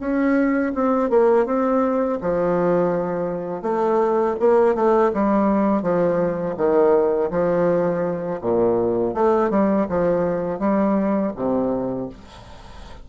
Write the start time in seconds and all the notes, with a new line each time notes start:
0.00 C#4
0.75 C4
1.10 A#3
1.46 C4
2.21 F3
3.62 A3
4.40 A#3
4.75 A3
5.14 G3
5.82 F3
6.57 D#3
7.31 F3
8.41 A#2
9.14 A3
9.50 G3
9.89 F3
10.59 G3
11.36 C3